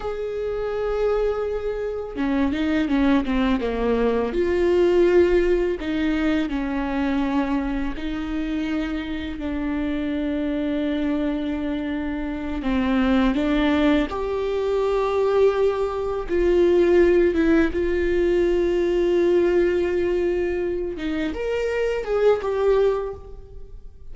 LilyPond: \new Staff \with { instrumentName = "viola" } { \time 4/4 \tempo 4 = 83 gis'2. cis'8 dis'8 | cis'8 c'8 ais4 f'2 | dis'4 cis'2 dis'4~ | dis'4 d'2.~ |
d'4. c'4 d'4 g'8~ | g'2~ g'8 f'4. | e'8 f'2.~ f'8~ | f'4 dis'8 ais'4 gis'8 g'4 | }